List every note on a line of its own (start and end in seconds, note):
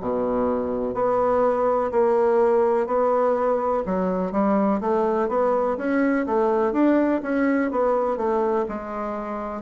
0.00 0.94 B2
0.94 1.91 B3
1.91 2.86 A#3
2.86 3.83 B3
3.86 4.32 F#3
4.32 4.80 G3
4.81 5.28 A3
5.28 5.77 B3
5.77 6.26 C#4
6.26 6.73 A3
6.73 7.21 D4
7.23 7.71 C#4
7.71 8.17 B3
8.17 8.65 A3
8.69 9.62 G#3